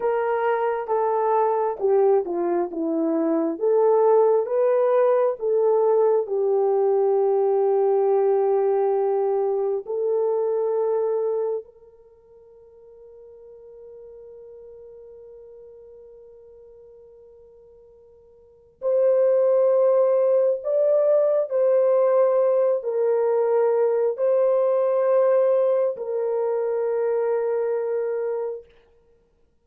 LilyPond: \new Staff \with { instrumentName = "horn" } { \time 4/4 \tempo 4 = 67 ais'4 a'4 g'8 f'8 e'4 | a'4 b'4 a'4 g'4~ | g'2. a'4~ | a'4 ais'2.~ |
ais'1~ | ais'4 c''2 d''4 | c''4. ais'4. c''4~ | c''4 ais'2. | }